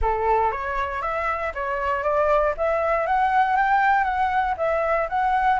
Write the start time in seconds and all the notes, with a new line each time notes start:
0.01 A4
0.51 C#5
1.02 E5
1.54 C#5
2.03 D5
2.57 E5
3.06 F#5
3.56 G5
4.04 F#5
4.57 E5
5.09 F#5